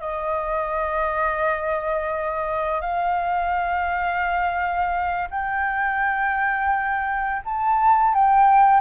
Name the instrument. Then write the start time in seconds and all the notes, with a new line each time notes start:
flute
0.00 D#5
2.81 F5
5.30 G5
7.44 A5
8.14 G5